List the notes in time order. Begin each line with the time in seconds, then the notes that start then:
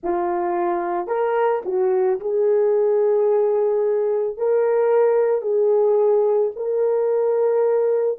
0.03 F4
1.07 A#4
1.65 F#4
2.20 G#4
4.37 A#4
5.41 G#4
6.56 A#4